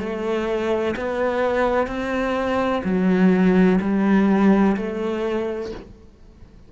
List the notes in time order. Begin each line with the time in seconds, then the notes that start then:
0.00 A3
0.97 B3
1.87 C4
2.85 F#3
3.81 G3
4.77 A3